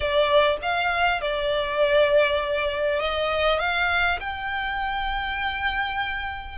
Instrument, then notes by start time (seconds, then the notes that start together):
violin
0.00 D5
0.62 F5
1.21 D5
2.99 D#5
3.59 F5
4.20 G5